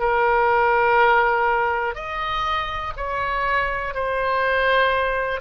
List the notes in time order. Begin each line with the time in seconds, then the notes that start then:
0.00 A#4
1.95 D#5
2.97 C#5
3.95 C5